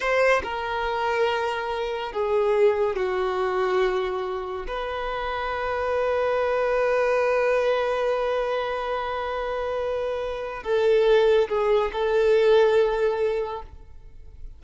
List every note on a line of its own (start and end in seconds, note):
0.00 0.41 C5
0.43 2.12 A#4
2.12 2.96 G#4
2.96 4.66 F#4
4.67 10.63 B4
10.63 11.48 A4
11.48 11.91 G#4
11.92 13.62 A4